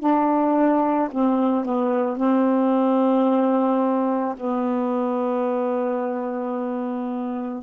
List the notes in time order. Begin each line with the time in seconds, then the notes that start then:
0.00 D4
1.12 C4
1.65 B3
2.17 C4
4.37 B3